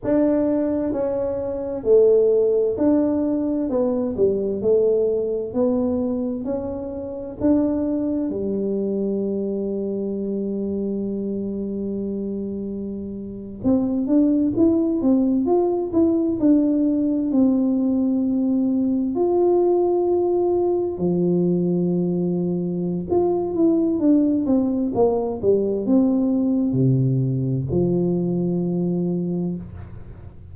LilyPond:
\new Staff \with { instrumentName = "tuba" } { \time 4/4 \tempo 4 = 65 d'4 cis'4 a4 d'4 | b8 g8 a4 b4 cis'4 | d'4 g2.~ | g2~ g8. c'8 d'8 e'16~ |
e'16 c'8 f'8 e'8 d'4 c'4~ c'16~ | c'8. f'2 f4~ f16~ | f4 f'8 e'8 d'8 c'8 ais8 g8 | c'4 c4 f2 | }